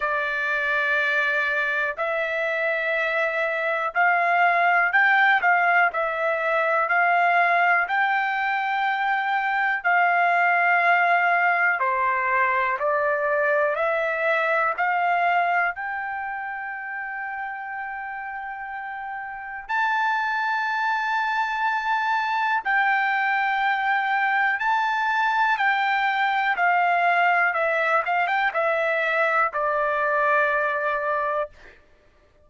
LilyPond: \new Staff \with { instrumentName = "trumpet" } { \time 4/4 \tempo 4 = 61 d''2 e''2 | f''4 g''8 f''8 e''4 f''4 | g''2 f''2 | c''4 d''4 e''4 f''4 |
g''1 | a''2. g''4~ | g''4 a''4 g''4 f''4 | e''8 f''16 g''16 e''4 d''2 | }